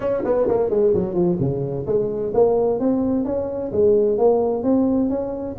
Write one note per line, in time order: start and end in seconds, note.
0.00 0.23 C#4
0.24 0.47 B3
0.48 0.70 A#3
0.70 0.93 G#3
0.94 1.14 F#3
1.14 1.37 F3
1.39 1.86 C#3
1.86 2.32 G#3
2.34 2.79 A#3
2.79 3.25 C4
3.25 3.71 C#4
3.71 4.18 G#3
4.18 4.63 A#3
4.63 5.09 C4
5.09 5.56 C#4